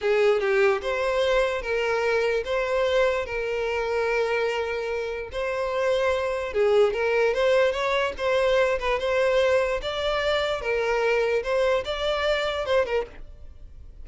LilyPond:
\new Staff \with { instrumentName = "violin" } { \time 4/4 \tempo 4 = 147 gis'4 g'4 c''2 | ais'2 c''2 | ais'1~ | ais'4 c''2. |
gis'4 ais'4 c''4 cis''4 | c''4. b'8 c''2 | d''2 ais'2 | c''4 d''2 c''8 ais'8 | }